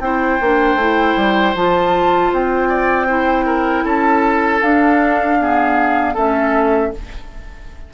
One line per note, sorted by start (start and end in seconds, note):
0.00 0.38 C4
0.00 0.40 E4
0.00 2.69 C5
0.00 1.54 G5
0.41 0.75 A#3
0.41 0.79 D4
0.75 1.14 A3
0.75 1.56 E4
1.16 1.54 G3
1.54 2.31 F3
1.54 3.08 F4
1.54 2.33 A5
2.32 3.84 C4
2.32 3.86 G5
2.69 3.07 D5
3.07 4.62 E4
3.07 3.45 C5
3.46 3.84 A#4
3.84 4.61 C#4
3.84 5.38 A4
3.84 4.62 A5
4.62 6.16 D4
4.62 5.39 D4
4.62 6.16 F5
5.39 6.16 B3
5.39 6.14 G#4
6.14 6.93 A3
6.14 6.93 C#4
6.14 6.91 A4
6.14 6.93 E5